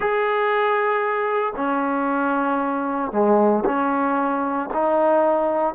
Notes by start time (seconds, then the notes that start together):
0.00 G#4
1.56 C#4
3.12 G#3
3.65 C#4
4.73 D#4